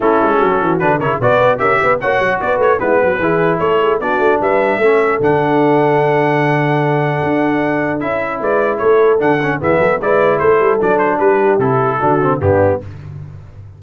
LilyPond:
<<
  \new Staff \with { instrumentName = "trumpet" } { \time 4/4 \tempo 4 = 150 a'2 b'8 cis''8 d''4 | e''4 fis''4 d''8 cis''8 b'4~ | b'4 cis''4 d''4 e''4~ | e''4 fis''2.~ |
fis''1 | e''4 d''4 cis''4 fis''4 | e''4 d''4 c''4 d''8 c''8 | b'4 a'2 g'4 | }
  \new Staff \with { instrumentName = "horn" } { \time 4/4 e'4 fis'4. ais'8 b'4 | ais'8 b'8 cis''4 b'4 e'8 fis'8 | gis'4 a'8 gis'8 fis'4 b'4 | a'1~ |
a'1~ | a'4 b'4 a'2 | gis'8 a'8 b'4 a'2 | g'2 fis'4 d'4 | }
  \new Staff \with { instrumentName = "trombone" } { \time 4/4 cis'2 d'8 e'8 fis'4 | g'4 fis'2 b4 | e'2 d'2 | cis'4 d'2.~ |
d'1 | e'2. d'8 cis'8 | b4 e'2 d'4~ | d'4 e'4 d'8 c'8 b4 | }
  \new Staff \with { instrumentName = "tuba" } { \time 4/4 a8 gis8 fis8 e8 d8 cis8 b,8 b8 | cis'8 b8 ais8 fis8 b8 a8 gis8 fis8 | e4 a4 b8 a8 g4 | a4 d2.~ |
d2 d'2 | cis'4 gis4 a4 d4 | e8 fis8 gis4 a8 g8 fis4 | g4 c4 d4 g,4 | }
>>